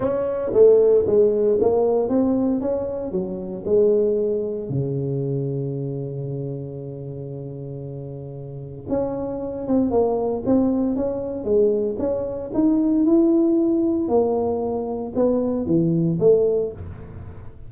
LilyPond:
\new Staff \with { instrumentName = "tuba" } { \time 4/4 \tempo 4 = 115 cis'4 a4 gis4 ais4 | c'4 cis'4 fis4 gis4~ | gis4 cis2.~ | cis1~ |
cis4 cis'4. c'8 ais4 | c'4 cis'4 gis4 cis'4 | dis'4 e'2 ais4~ | ais4 b4 e4 a4 | }